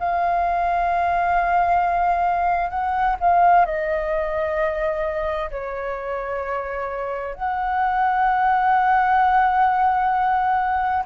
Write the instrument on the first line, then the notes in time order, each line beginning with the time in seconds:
flute
0.00 F5
2.71 F#5
3.21 F5
3.66 D#5
5.51 C#5
7.35 F#5